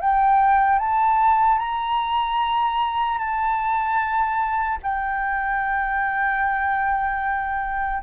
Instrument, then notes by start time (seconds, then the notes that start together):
flute
0.00 G5
0.79 A5
1.58 A#5
3.18 A5
4.82 G5